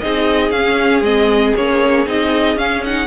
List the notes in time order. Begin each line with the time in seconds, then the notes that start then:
0.00 C4 D#4 G#4 D#5
0.51 C#4 F5
1.01 G#3 C4 D#5
1.56 A#3 C#4 C#5
2.07 C4 D#4 D#5
2.56 C#4 F5
2.85 D#4 F#5